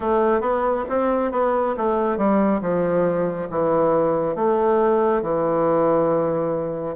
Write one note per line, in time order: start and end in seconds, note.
0.00 0.41 A3
0.41 0.84 B3
0.89 1.31 C4
1.31 1.75 B3
1.77 2.17 A3
2.17 2.60 G3
2.61 3.48 F3
3.49 4.35 E3
4.35 5.22 A3
5.22 6.96 E3